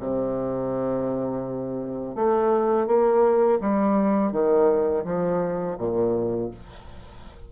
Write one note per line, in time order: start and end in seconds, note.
0.00 2.16 C3
2.16 2.87 A3
2.87 3.59 A#3
3.61 4.32 G3
4.32 5.04 D#3
5.05 5.77 F3
5.78 6.51 A#2